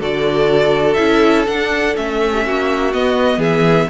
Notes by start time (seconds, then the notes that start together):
0.00 D3 F#4 A4 D5
0.94 C#4 E4 E5
1.46 D4 F#5
1.95 A3 C#4 E5
2.31 G4
2.46 A#3 F#4
2.93 B3 D#5
3.37 E3 G#4 E5